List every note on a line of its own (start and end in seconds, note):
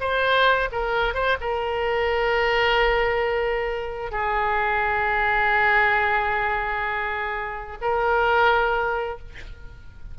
0.00 0.69 C5
0.71 1.14 A#4
1.14 1.37 C5
1.41 4.11 A#4
4.11 7.78 G#4
7.81 9.19 A#4